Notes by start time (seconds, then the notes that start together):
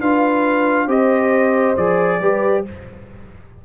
0.00 D4 F4 B4 F5
0.87 C4 G4 C5 D#5
1.76 F3 G#4 D5
2.20 G3 G4 B4